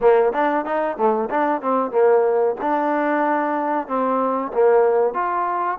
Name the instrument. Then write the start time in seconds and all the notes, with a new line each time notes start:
trombone
0.00 A#3
0.33 D4
0.65 D#4
0.97 A3
1.30 D4
1.61 C4
1.91 A#3
2.61 D4
3.87 C4
4.53 A#3
5.14 F4